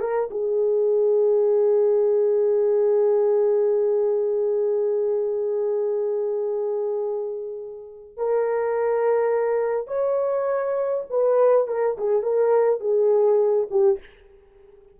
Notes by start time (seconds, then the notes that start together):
0.00 A#4
0.30 G#4
8.17 A#4
9.87 C#5
11.09 B4
11.67 A#4
11.97 G#4
12.23 A#4
12.80 G#4
13.70 G4